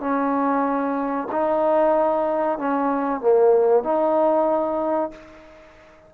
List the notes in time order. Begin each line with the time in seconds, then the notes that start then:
0.00 C#4
1.31 D#4
2.58 C#4
3.20 A#3
3.84 D#4